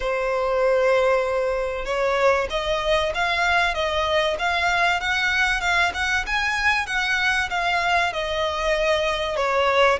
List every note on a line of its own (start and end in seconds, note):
0.00 1.85 C5
1.85 2.47 C#5
2.50 3.12 D#5
3.14 3.74 F5
3.74 4.36 D#5
4.39 5.00 F5
5.00 5.61 F#5
5.61 5.92 F5
5.93 6.25 F#5
6.26 6.86 G#5
6.86 7.49 F#5
7.50 8.12 F5
8.12 9.36 D#5
9.36 9.99 C#5